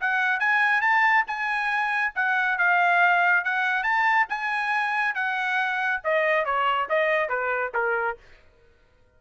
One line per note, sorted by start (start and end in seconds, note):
0.00 0.39 F#5
0.39 0.81 G#5
0.81 1.24 A5
1.27 2.13 G#5
2.15 2.58 F#5
2.58 3.44 F5
3.44 3.83 F#5
3.83 4.26 A5
4.29 5.14 G#5
5.14 6.01 F#5
6.04 6.45 D#5
6.45 6.88 C#5
6.89 7.29 D#5
7.29 7.72 B4
7.74 8.17 A#4